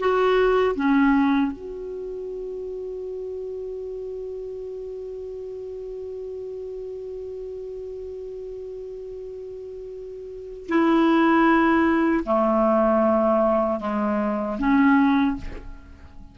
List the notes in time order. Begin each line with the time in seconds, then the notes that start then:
0.00 F#4
0.75 C#4
1.52 F#4
10.69 E4
12.25 A3
13.80 G#3
14.59 C#4